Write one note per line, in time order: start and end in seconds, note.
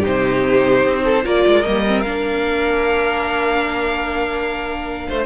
0.00 1.22 D#4
0.00 1.01 G4
0.00 1.26 C5
0.07 0.86 C3
0.86 1.25 C4
1.04 1.24 A4
1.24 1.45 A#3
1.24 1.64 F4
1.24 5.07 A#4
1.24 1.65 D5
1.47 1.67 G#3
1.65 2.05 G3
1.65 1.86 A#3
1.65 2.02 D#5
1.87 2.06 C4
2.02 5.07 A#3
2.02 5.26 D4
2.02 5.24 F5
5.09 5.26 A3
5.09 5.26 C5